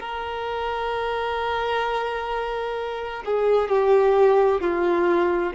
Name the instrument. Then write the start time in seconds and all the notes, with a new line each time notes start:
violin
0.00 A#4
3.26 G#4
3.69 G4
4.61 F4